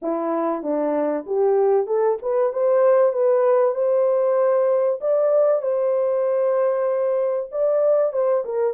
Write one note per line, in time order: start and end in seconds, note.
0.02 0.62 E4
0.62 1.25 D4
1.26 1.86 G4
1.86 2.18 A4
2.22 2.52 B4
2.52 3.12 C5
3.12 3.74 B4
3.74 4.99 C5
5.01 5.62 D5
5.62 7.49 C5
7.51 8.12 D5
8.12 8.44 C5
8.44 8.73 A#4